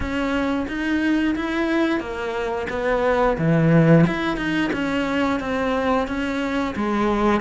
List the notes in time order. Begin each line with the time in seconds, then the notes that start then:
0.00 C#4
0.67 D#4
1.35 E4
1.99 A#3
2.69 B3
3.37 E3
4.06 E4
4.36 D#4
4.72 C#4
5.40 C4
6.07 C#4
6.76 G#3